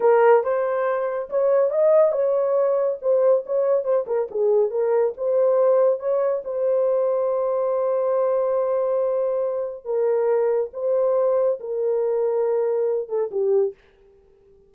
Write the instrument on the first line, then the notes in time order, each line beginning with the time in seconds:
horn
0.00 A#4
0.43 C5
1.29 C#5
1.70 D#5
2.12 C#5
3.01 C5
3.46 C#5
3.84 C5
4.06 A#4
4.31 G#4
4.70 A#4
5.17 C5
5.99 C#5
6.44 C5
9.84 A#4
10.73 C5
11.60 A#4
13.08 A4
13.31 G4